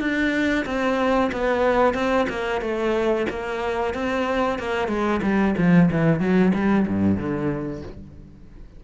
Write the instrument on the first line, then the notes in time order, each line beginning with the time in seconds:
cello
0.00 D4
0.66 C4
1.32 B3
1.94 C4
2.29 A#3
2.61 A3
3.30 A#3
3.94 C4
4.59 A#3
4.88 G#3
5.23 G3
5.58 F3
5.91 E3
6.20 F#3
6.54 G3
6.88 G2
7.17 D3